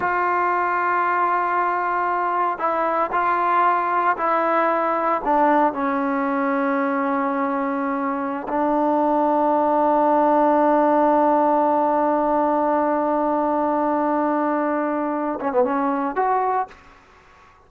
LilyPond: \new Staff \with { instrumentName = "trombone" } { \time 4/4 \tempo 4 = 115 f'1~ | f'4 e'4 f'2 | e'2 d'4 cis'4~ | cis'1~ |
cis'16 d'2.~ d'8.~ | d'1~ | d'1~ | d'4. cis'16 b16 cis'4 fis'4 | }